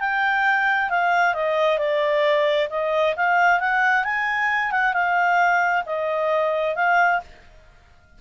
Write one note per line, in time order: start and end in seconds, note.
0.00 0.90 G5
0.90 1.35 F5
1.35 1.79 D#5
1.79 2.69 D5
2.70 3.15 D#5
3.16 3.60 F5
3.60 4.05 F#5
4.05 4.72 G#5
4.72 4.94 F#5
4.94 5.84 F5
5.86 6.76 D#5
6.76 7.21 F5